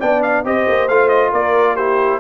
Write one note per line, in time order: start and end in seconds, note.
0.00 0.44 B3
0.00 0.45 D4
0.00 0.44 D5
0.00 0.22 G5
0.22 0.44 F5
0.44 0.67 C4
0.44 0.89 G4
0.44 1.31 C5
0.44 0.88 D#5
0.68 0.89 A#3
0.88 1.33 A3
0.88 1.78 F4
0.88 1.09 F5
1.09 1.31 D#5
1.31 2.20 A#3
1.31 1.75 A#4
1.31 1.76 D5
1.75 2.20 E4
1.75 2.19 G4
1.75 2.20 C5